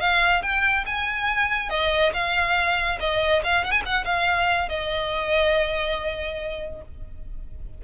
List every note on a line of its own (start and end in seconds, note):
0.00 0.42 F5
0.42 0.85 G5
0.86 1.70 G#5
1.70 2.12 D#5
2.14 2.99 F5
3.00 3.43 D#5
3.44 3.64 F5
3.64 3.71 F#5
3.71 3.82 G#5
3.86 4.05 F#5
4.05 4.69 F5
4.69 6.82 D#5